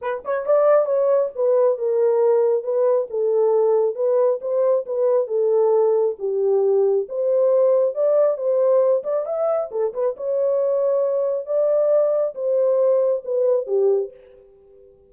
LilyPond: \new Staff \with { instrumentName = "horn" } { \time 4/4 \tempo 4 = 136 b'8 cis''8 d''4 cis''4 b'4 | ais'2 b'4 a'4~ | a'4 b'4 c''4 b'4 | a'2 g'2 |
c''2 d''4 c''4~ | c''8 d''8 e''4 a'8 b'8 cis''4~ | cis''2 d''2 | c''2 b'4 g'4 | }